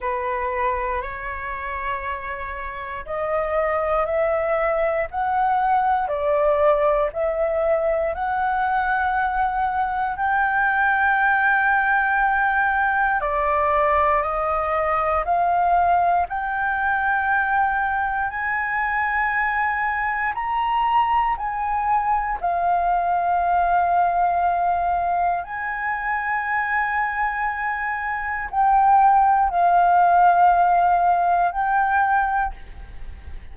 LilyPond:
\new Staff \with { instrumentName = "flute" } { \time 4/4 \tempo 4 = 59 b'4 cis''2 dis''4 | e''4 fis''4 d''4 e''4 | fis''2 g''2~ | g''4 d''4 dis''4 f''4 |
g''2 gis''2 | ais''4 gis''4 f''2~ | f''4 gis''2. | g''4 f''2 g''4 | }